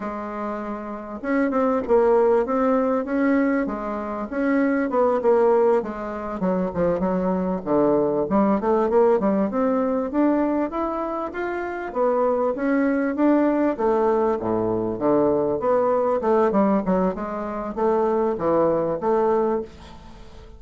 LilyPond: \new Staff \with { instrumentName = "bassoon" } { \time 4/4 \tempo 4 = 98 gis2 cis'8 c'8 ais4 | c'4 cis'4 gis4 cis'4 | b8 ais4 gis4 fis8 f8 fis8~ | fis8 d4 g8 a8 ais8 g8 c'8~ |
c'8 d'4 e'4 f'4 b8~ | b8 cis'4 d'4 a4 a,8~ | a,8 d4 b4 a8 g8 fis8 | gis4 a4 e4 a4 | }